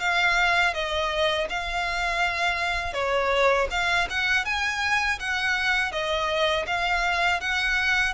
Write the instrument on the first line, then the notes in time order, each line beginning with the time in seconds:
violin
0.00 F5
0.74 D#5
1.49 F5
2.94 C#5
3.71 F5
4.10 F#5
4.45 G#5
5.19 F#5
5.92 D#5
6.67 F5
7.40 F#5